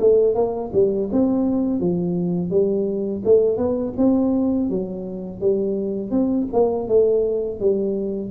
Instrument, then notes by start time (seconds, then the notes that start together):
tuba
0.00 A3
0.35 A#3
0.73 G3
1.12 C4
1.80 F3
2.50 G3
3.25 A3
3.57 B3
3.97 C4
4.70 F#3
5.41 G3
6.11 C4
6.53 A#3
6.88 A3
7.60 G3